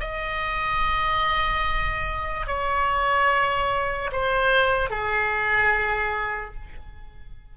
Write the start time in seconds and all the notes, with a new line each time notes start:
0.00 D#5
2.47 C#5
4.12 C5
4.90 G#4